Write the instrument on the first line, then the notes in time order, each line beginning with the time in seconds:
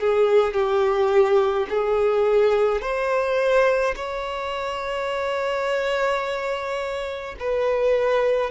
violin
0.00 G#4
0.54 G4
1.69 G#4
2.81 C5
3.96 C#5
7.40 B4